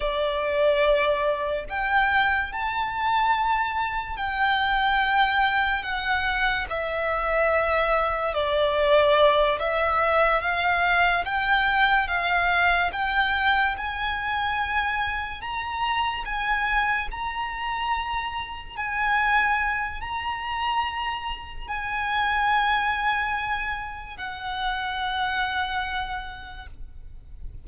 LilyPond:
\new Staff \with { instrumentName = "violin" } { \time 4/4 \tempo 4 = 72 d''2 g''4 a''4~ | a''4 g''2 fis''4 | e''2 d''4. e''8~ | e''8 f''4 g''4 f''4 g''8~ |
g''8 gis''2 ais''4 gis''8~ | gis''8 ais''2 gis''4. | ais''2 gis''2~ | gis''4 fis''2. | }